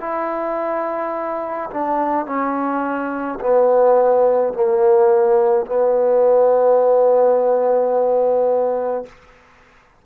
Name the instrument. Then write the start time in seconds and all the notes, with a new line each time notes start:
trombone
0.00 E4
1.70 D4
2.26 C#4
3.40 B3
4.53 A#3
5.66 B3